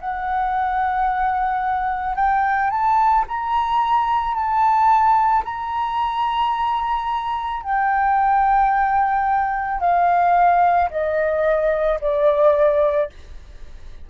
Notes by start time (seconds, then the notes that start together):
0.00 F#5
2.15 G5
2.70 A5
3.28 A#5
4.34 A5
5.44 A#5
7.63 G5
9.80 F5
10.90 D#5
12.00 D5